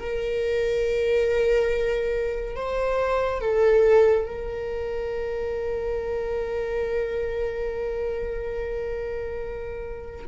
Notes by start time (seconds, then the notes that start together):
0.00 A#4
2.56 C5
3.41 A4
4.26 A#4